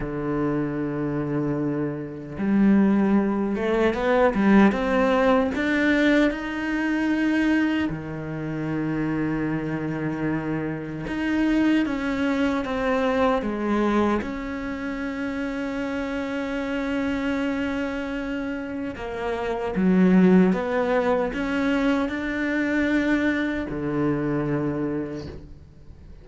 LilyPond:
\new Staff \with { instrumentName = "cello" } { \time 4/4 \tempo 4 = 76 d2. g4~ | g8 a8 b8 g8 c'4 d'4 | dis'2 dis2~ | dis2 dis'4 cis'4 |
c'4 gis4 cis'2~ | cis'1 | ais4 fis4 b4 cis'4 | d'2 d2 | }